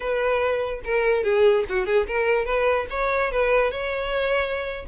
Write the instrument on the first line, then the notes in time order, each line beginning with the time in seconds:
violin
0.00 B4
0.84 A#4
1.23 G#4
1.69 F#4
1.86 G#4
2.07 A#4
2.45 B4
2.90 C#5
3.31 B4
3.71 C#5